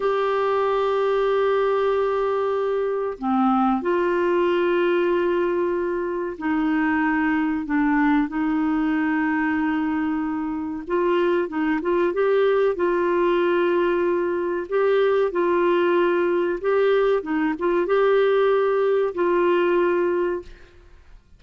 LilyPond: \new Staff \with { instrumentName = "clarinet" } { \time 4/4 \tempo 4 = 94 g'1~ | g'4 c'4 f'2~ | f'2 dis'2 | d'4 dis'2.~ |
dis'4 f'4 dis'8 f'8 g'4 | f'2. g'4 | f'2 g'4 dis'8 f'8 | g'2 f'2 | }